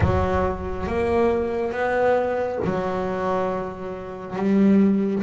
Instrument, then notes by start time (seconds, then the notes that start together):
double bass
0.00 F#3
0.87 A#3
1.72 B3
2.64 F#3
4.36 G3